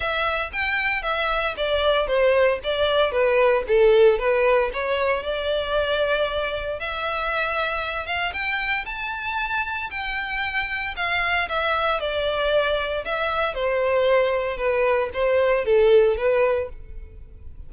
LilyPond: \new Staff \with { instrumentName = "violin" } { \time 4/4 \tempo 4 = 115 e''4 g''4 e''4 d''4 | c''4 d''4 b'4 a'4 | b'4 cis''4 d''2~ | d''4 e''2~ e''8 f''8 |
g''4 a''2 g''4~ | g''4 f''4 e''4 d''4~ | d''4 e''4 c''2 | b'4 c''4 a'4 b'4 | }